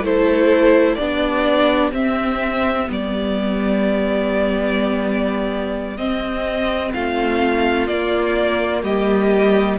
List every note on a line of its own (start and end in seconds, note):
0.00 0.95 A3
0.00 0.99 E4
0.00 0.99 A4
0.00 0.95 C5
0.95 1.92 B3
0.95 1.92 D4
0.95 6.94 G4
0.95 1.90 D5
1.92 2.87 C4
1.92 2.89 E5
2.87 5.98 G3
2.87 5.97 B3
2.87 5.97 D5
5.97 6.93 C4
5.97 7.89 C4
5.97 6.92 D#5
6.94 7.88 A3
6.94 8.84 F4
6.94 7.87 F5
7.87 8.83 A#3
7.87 9.79 A#3
7.87 8.83 D5
8.83 9.78 G3
8.83 9.79 G4
8.83 9.79 D#5